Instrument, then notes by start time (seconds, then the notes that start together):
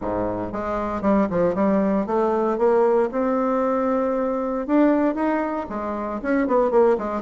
bassoon
0.01 G#2
0.52 G#3
1.01 G3
1.29 F3
1.54 G3
2.06 A3
2.57 A#3
3.11 C4
4.66 D4
5.14 D#4
5.69 G#3
6.22 C#4
6.47 B3
6.71 A#3
6.98 G#3